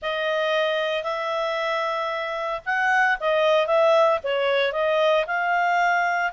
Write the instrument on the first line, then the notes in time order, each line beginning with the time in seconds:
clarinet
0.02 D#5
1.03 E5
2.65 F#5
3.20 D#5
3.66 E5
4.23 C#5
4.72 D#5
5.26 F5